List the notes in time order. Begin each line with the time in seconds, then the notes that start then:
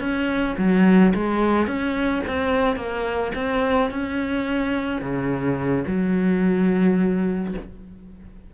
0.00 C#4
0.58 F#3
1.15 G#3
1.67 C#4
2.27 C4
2.77 A#3
3.35 C4
3.91 C#4
5.02 C#3
5.88 F#3